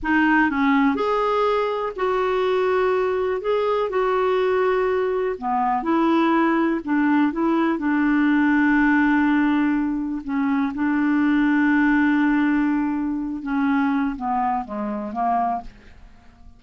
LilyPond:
\new Staff \with { instrumentName = "clarinet" } { \time 4/4 \tempo 4 = 123 dis'4 cis'4 gis'2 | fis'2. gis'4 | fis'2. b4 | e'2 d'4 e'4 |
d'1~ | d'4 cis'4 d'2~ | d'2.~ d'8 cis'8~ | cis'4 b4 gis4 ais4 | }